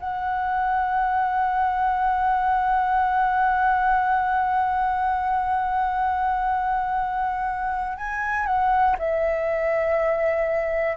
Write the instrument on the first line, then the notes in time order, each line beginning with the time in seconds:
flute
0.00 F#5
7.98 G#5
8.46 F#5
8.99 E5